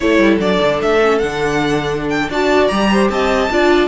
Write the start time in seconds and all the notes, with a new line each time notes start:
0.00 A3 E4 A4 C#5
0.18 G3
0.39 F#3 D4 D5
0.61 D3
0.82 A3 E5
1.01 C#4
1.18 D3 D4 F#5
2.09 G5
2.29 D4 F#4 D5 A5
2.67 G3 G4 A#5
2.91 C5
3.09 C4 D#5 A5
3.51 D4 F4 D5